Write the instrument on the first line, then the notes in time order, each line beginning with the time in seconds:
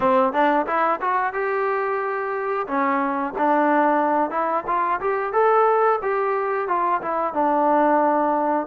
trombone
0.00 C4
0.32 D4
0.66 E4
1.01 F#4
1.33 G4
2.67 C#4
3.38 D4
4.30 E4
4.66 F4
5.00 G4
5.32 A4
6.02 G4
6.68 F4
7.01 E4
7.33 D4